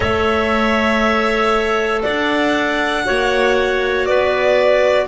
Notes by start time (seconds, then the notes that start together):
0.00 A3 A4 C#5 E5
2.02 D4 D5 F#5
3.04 A#3 F#4 C#5
4.05 B3 B4 D5